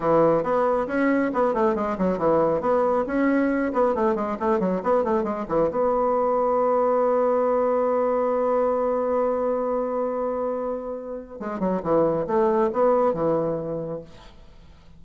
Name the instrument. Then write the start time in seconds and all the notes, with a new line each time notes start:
bassoon
0.00 E3
0.43 B3
0.87 C#4
1.33 B3
1.53 A3
1.75 G#3
1.98 F#3
2.18 E3
2.61 B3
3.06 C#4
3.73 B3
3.94 A3
4.15 G#3
4.39 A3
4.59 F#3
4.83 B3
5.04 A3
5.23 G#3
5.48 E3
5.71 B3
11.39 G#3
11.59 F#3
11.82 E3
12.26 A3
12.72 B3
13.13 E3